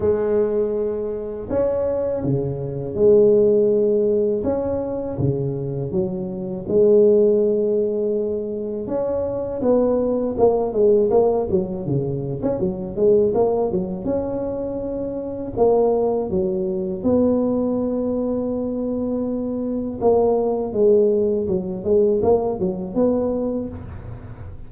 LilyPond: \new Staff \with { instrumentName = "tuba" } { \time 4/4 \tempo 4 = 81 gis2 cis'4 cis4 | gis2 cis'4 cis4 | fis4 gis2. | cis'4 b4 ais8 gis8 ais8 fis8 |
cis8. cis'16 fis8 gis8 ais8 fis8 cis'4~ | cis'4 ais4 fis4 b4~ | b2. ais4 | gis4 fis8 gis8 ais8 fis8 b4 | }